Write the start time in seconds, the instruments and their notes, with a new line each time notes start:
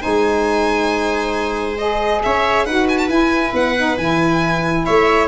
0.00 tuba G#3, saxophone D#4, viola C5, violin G#5
1.77 saxophone G#4, violin D#5
2.22 tuba C#4, viola C#5, violin E5
2.65 tuba D#4, saxophone F#4, viola B4, violin F#5
2.89 violin G#5
2.97 violin A5
3.08 tuba E4, saxophone E4, violin G#5
3.53 tuba B3, violin F#5
3.76 saxophone D#4
3.97 tuba E3, saxophone E4, violin G#5
4.85 tuba A3, viola C#5, violin E5